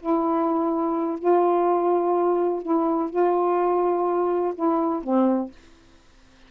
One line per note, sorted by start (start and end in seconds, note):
0.00 1.19 E4
1.19 2.63 F4
2.63 3.10 E4
3.10 4.54 F4
4.55 5.03 E4
5.03 5.51 C4